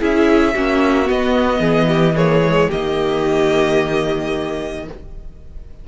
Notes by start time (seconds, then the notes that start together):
0.00 C#4 E4 G#4 E5
0.55 A#3 C#4 F#4
1.06 B3 D#5
1.60 E3 G#4
1.88 G4
2.16 A#3 G#4 C#5
2.44 G#3
2.69 D#3 A#3 G4 D#5